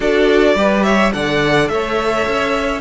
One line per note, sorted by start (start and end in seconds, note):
0.00 0.55 D4
0.00 0.55 F#4
0.00 0.56 A4
0.00 0.83 D5
0.55 1.11 G3
0.55 1.12 G4
0.55 0.85 B4
0.83 1.13 C#5
0.83 1.11 E5
1.12 1.69 D3
1.12 2.81 A4
1.12 1.71 D5
1.12 1.68 F#5
1.68 2.26 A3
1.68 2.81 C#5
1.68 2.81 E5
2.27 2.81 C#4